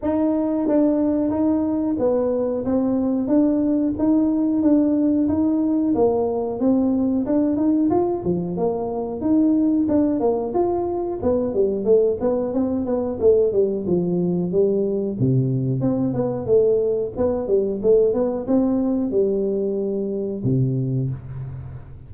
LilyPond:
\new Staff \with { instrumentName = "tuba" } { \time 4/4 \tempo 4 = 91 dis'4 d'4 dis'4 b4 | c'4 d'4 dis'4 d'4 | dis'4 ais4 c'4 d'8 dis'8 | f'8 f8 ais4 dis'4 d'8 ais8 |
f'4 b8 g8 a8 b8 c'8 b8 | a8 g8 f4 g4 c4 | c'8 b8 a4 b8 g8 a8 b8 | c'4 g2 c4 | }